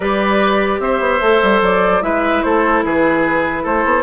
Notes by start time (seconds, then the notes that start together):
0.00 G3 G4 B4 D5
0.79 C4 C5 E5
1.00 B3
1.21 A3 A4
1.42 G3
1.61 F#3 D5
2.01 G#3 E4 B4 E5
2.42 A3 A4 C5
2.84 E3 G#4 B4
3.63 A3 A4 C5
3.84 B3